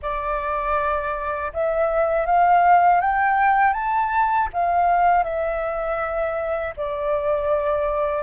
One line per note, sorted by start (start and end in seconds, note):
0.01 1.51 D5
1.53 2.26 E5
2.26 3.00 F5
3.00 3.73 G5
3.73 4.48 A5
4.53 5.23 F5
5.23 6.73 E5
6.76 8.23 D5